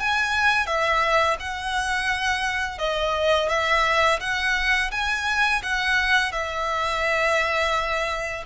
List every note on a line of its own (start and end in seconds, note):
0.00 0.67 G#5
0.67 1.37 E5
1.40 2.79 F#5
2.79 3.49 D#5
3.49 4.20 E5
4.21 4.91 F#5
4.92 5.62 G#5
5.63 6.32 F#5
6.32 8.44 E5